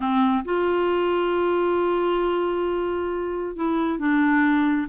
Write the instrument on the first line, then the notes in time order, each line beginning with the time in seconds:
clarinet
0.00 C4
0.44 F4
3.56 E4
3.98 D4